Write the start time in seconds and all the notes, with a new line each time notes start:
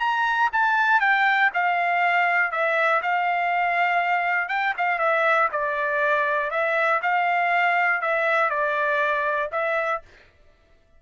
0.00 A#5
0.53 A5
1.00 G5
1.54 F5
2.51 E5
3.02 F5
4.49 G5
4.77 F5
4.99 E5
5.52 D5
6.50 E5
7.02 F5
8.01 E5
8.50 D5
9.52 E5